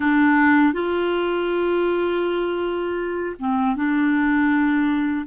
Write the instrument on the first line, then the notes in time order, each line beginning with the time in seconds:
clarinet
0.00 D4
0.73 F4
3.39 C4
3.76 D4